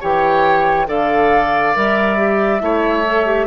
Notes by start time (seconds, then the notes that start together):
0.00 E3 G4 C#5 G5
0.86 D3 A4 D5 F5
1.74 G3 A#4 E5
2.17 G4
2.60 A3 E4 C#5
3.06 A4
3.26 G4